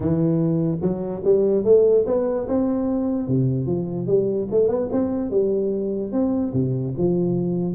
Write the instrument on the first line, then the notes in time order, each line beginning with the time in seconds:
tuba
0.00 E3
0.81 F#3
1.24 G3
1.64 A3
2.06 B3
2.47 C4
3.27 C3
3.66 F3
4.06 G3
4.50 A3
4.68 B3
4.92 C4
5.30 G3
6.12 C4
6.53 C3
6.97 F3